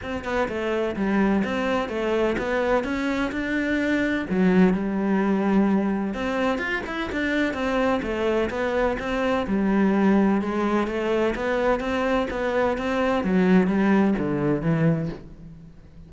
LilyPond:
\new Staff \with { instrumentName = "cello" } { \time 4/4 \tempo 4 = 127 c'8 b8 a4 g4 c'4 | a4 b4 cis'4 d'4~ | d'4 fis4 g2~ | g4 c'4 f'8 e'8 d'4 |
c'4 a4 b4 c'4 | g2 gis4 a4 | b4 c'4 b4 c'4 | fis4 g4 d4 e4 | }